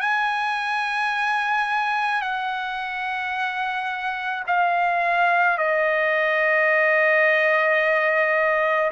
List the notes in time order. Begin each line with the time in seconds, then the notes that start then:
0.00 G#5
2.21 F#5
4.47 F5
5.58 D#5